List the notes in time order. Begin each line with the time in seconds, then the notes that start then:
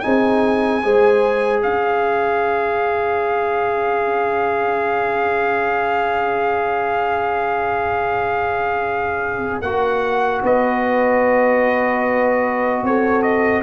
0.00 C4 D#4 G#4 G#5
0.83 G#3 G#4 C5
1.63 C#4 C#5 F5
9.62 A#3 F#4 F#5
10.43 B3 B4 D#5
12.83 C4 A4 C#5
13.22 D#5